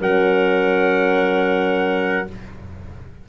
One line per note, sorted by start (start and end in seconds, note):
0.00 2.26 F#3
0.00 2.27 C#4
0.00 2.27 A#4
0.00 2.29 F#5